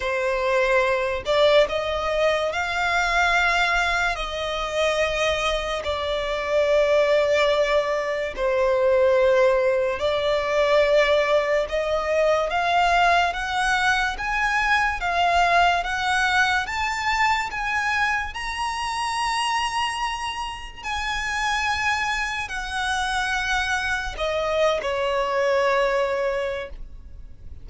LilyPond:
\new Staff \with { instrumentName = "violin" } { \time 4/4 \tempo 4 = 72 c''4. d''8 dis''4 f''4~ | f''4 dis''2 d''4~ | d''2 c''2 | d''2 dis''4 f''4 |
fis''4 gis''4 f''4 fis''4 | a''4 gis''4 ais''2~ | ais''4 gis''2 fis''4~ | fis''4 dis''8. cis''2~ cis''16 | }